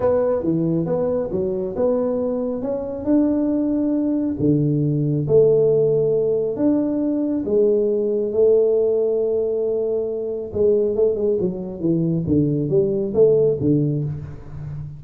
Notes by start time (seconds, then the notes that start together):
0.00 B3
0.43 E3
0.86 B3
1.31 F#3
1.76 B3
2.62 C#4
3.04 D4
4.39 D3
5.27 A3
6.56 D4
7.45 G#3
8.32 A3
10.53 G#3
10.95 A3
11.15 G#3
11.40 F#3
11.80 E3
12.26 D3
12.69 G3
13.13 A3
13.60 D3